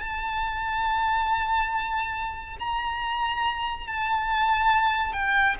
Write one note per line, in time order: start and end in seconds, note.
0.00 2.57 A5
2.59 3.87 A#5
3.87 5.12 A5
5.12 5.55 G5